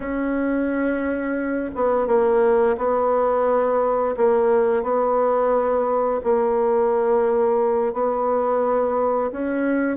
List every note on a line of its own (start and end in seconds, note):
0.00 1.71 C#4
1.75 2.07 B3
2.07 2.76 A#3
2.77 4.15 B3
4.16 4.82 A#3
4.82 6.20 B3
6.23 7.93 A#3
7.93 9.31 B3
9.31 9.97 C#4